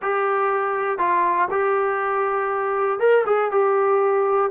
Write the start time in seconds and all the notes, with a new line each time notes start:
0.02 G4
0.98 F4
1.50 G4
2.99 A#4
3.26 G#4
3.51 G4